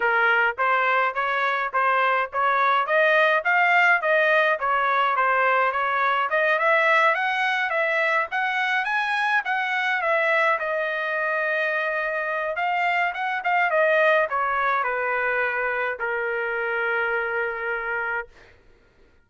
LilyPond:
\new Staff \with { instrumentName = "trumpet" } { \time 4/4 \tempo 4 = 105 ais'4 c''4 cis''4 c''4 | cis''4 dis''4 f''4 dis''4 | cis''4 c''4 cis''4 dis''8 e''8~ | e''8 fis''4 e''4 fis''4 gis''8~ |
gis''8 fis''4 e''4 dis''4.~ | dis''2 f''4 fis''8 f''8 | dis''4 cis''4 b'2 | ais'1 | }